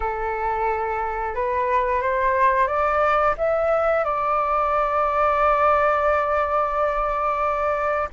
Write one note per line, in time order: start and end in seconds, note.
0.00 1.35 A4
1.35 2.01 B4
2.01 2.67 C5
2.67 3.34 D5
3.37 4.04 E5
4.04 8.09 D5